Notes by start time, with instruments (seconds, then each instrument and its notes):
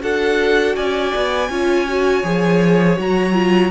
0.00 cello D4, viola F#4, violin A4 F#5
0.75 cello C#4, violin D5 G#5
1.15 cello B3
1.49 cello C#4, viola F4, violin C#5
1.88 viola F#4
2.23 cello F3, viola G#4
2.96 cello F#3, viola F#4, violin A#5
3.33 viola F4